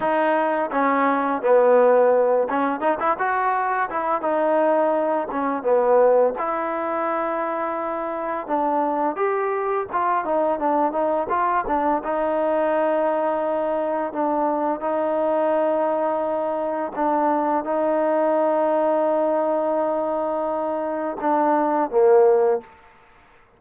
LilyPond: \new Staff \with { instrumentName = "trombone" } { \time 4/4 \tempo 4 = 85 dis'4 cis'4 b4. cis'8 | dis'16 e'16 fis'4 e'8 dis'4. cis'8 | b4 e'2. | d'4 g'4 f'8 dis'8 d'8 dis'8 |
f'8 d'8 dis'2. | d'4 dis'2. | d'4 dis'2.~ | dis'2 d'4 ais4 | }